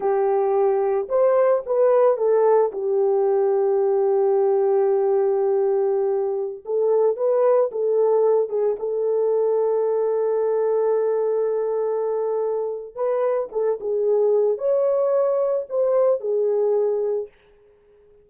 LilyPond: \new Staff \with { instrumentName = "horn" } { \time 4/4 \tempo 4 = 111 g'2 c''4 b'4 | a'4 g'2.~ | g'1~ | g'16 a'4 b'4 a'4. gis'16~ |
gis'16 a'2.~ a'8.~ | a'1 | b'4 a'8 gis'4. cis''4~ | cis''4 c''4 gis'2 | }